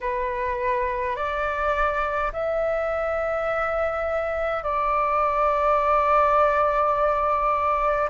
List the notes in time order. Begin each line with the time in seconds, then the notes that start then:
0.01 B4
1.15 D5
2.32 E5
4.63 D5